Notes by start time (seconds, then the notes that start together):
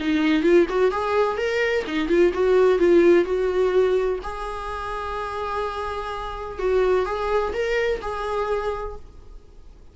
0.00 D#4
0.43 F4
0.69 F#4
0.91 G#4
1.37 A#4
1.87 D#4
2.09 F4
2.34 F#4
2.79 F4
3.25 F#4
4.23 G#4
6.59 F#4
7.05 G#4
7.53 A#4
8.01 G#4